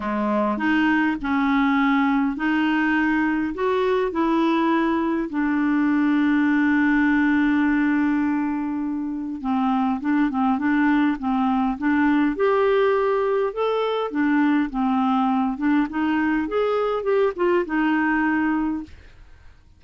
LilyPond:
\new Staff \with { instrumentName = "clarinet" } { \time 4/4 \tempo 4 = 102 gis4 dis'4 cis'2 | dis'2 fis'4 e'4~ | e'4 d'2.~ | d'1 |
c'4 d'8 c'8 d'4 c'4 | d'4 g'2 a'4 | d'4 c'4. d'8 dis'4 | gis'4 g'8 f'8 dis'2 | }